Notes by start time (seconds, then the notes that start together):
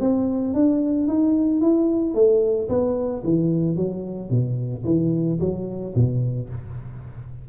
0.00 C4
0.54 D4
1.08 D#4
1.61 E4
2.14 A3
2.69 B3
3.24 E3
3.76 F#3
4.30 B2
4.85 E3
5.40 F#3
5.95 B2